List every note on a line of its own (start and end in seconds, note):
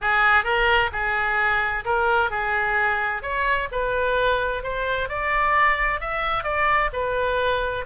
0.01 0.44 G#4
0.44 0.90 A#4
0.92 1.84 G#4
1.84 2.30 A#4
2.30 3.22 G#4
3.22 3.68 C#5
3.71 4.63 B4
4.63 5.09 C5
5.09 6.00 D5
6.00 6.43 E5
6.43 6.90 D5
6.92 7.85 B4